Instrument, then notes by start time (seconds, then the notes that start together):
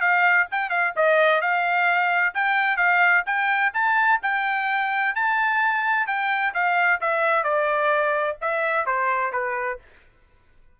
trumpet
0.00 F5
0.51 G5
0.69 F5
0.96 D#5
1.41 F5
2.34 G5
2.77 F5
3.26 G5
3.73 A5
4.22 G5
5.15 A5
6.07 G5
6.54 F5
7.00 E5
7.43 D5
8.41 E5
8.86 C5
9.32 B4